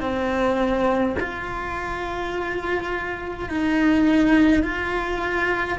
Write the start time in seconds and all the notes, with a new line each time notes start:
0.00 C4
1.20 F4
3.49 D#4
4.63 F4